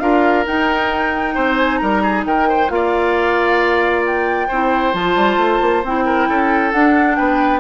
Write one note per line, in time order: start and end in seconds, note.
0.00 0.46 D4
0.00 0.46 F4
0.00 1.35 A#4
0.00 0.45 F5
0.46 2.69 D#4
0.46 1.37 D#4
0.46 1.57 G5
1.35 1.82 C4
1.35 1.80 C5
1.57 1.78 G#5
1.78 2.25 G3
1.78 2.03 A#4
1.78 2.22 A#5
2.03 2.25 G#4
2.25 2.70 D#3
2.25 2.49 A#4
2.25 2.70 G5
2.49 2.71 C5
2.69 4.49 A#3
2.69 4.48 F4
2.69 4.48 D5
2.69 4.04 F5
4.06 4.94 G5
4.48 4.93 C4
4.48 4.93 E4
4.48 6.05 C5
4.93 5.16 F3
4.93 5.83 F4
4.93 5.84 A5
5.16 5.37 G3
5.37 5.60 A3
5.61 5.83 A#3
5.83 6.28 C4
5.83 6.72 E4
5.83 6.72 G5
6.06 6.28 A#4
6.29 6.73 C#4
6.29 7.17 A4
6.72 7.60 D4
6.72 7.18 D4
6.72 7.16 F#5
7.16 7.60 B3
7.16 7.60 B4
7.16 7.60 G5